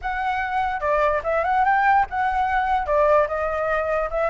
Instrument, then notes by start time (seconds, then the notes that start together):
flute
0.01 F#5
0.80 D5
1.23 E5
1.44 F#5
1.64 G5
2.10 F#5
2.86 D5
3.27 D#5
4.10 E5